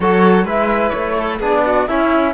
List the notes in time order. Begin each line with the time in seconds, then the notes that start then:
0.00 F#3 F#4 A4 C#5
0.44 G#3 E4 B4 E5
0.89 A3 C#5
1.17 A4
1.39 B3 D4 G#4 D5
1.66 F#4
1.87 C#4 E4 E5